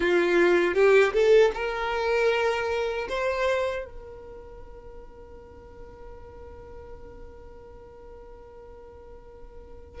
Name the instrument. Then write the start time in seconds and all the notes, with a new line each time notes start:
violin
0.00 F4
0.74 G4
1.13 A4
1.54 A#4
3.08 C5
3.85 A#4